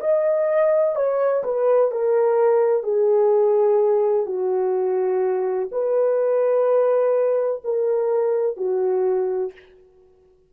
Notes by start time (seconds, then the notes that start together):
0.00 D#5
0.96 C#5
1.43 B4
1.91 A#4
2.83 G#4
4.26 F#4
5.71 B4
7.64 A#4
8.57 F#4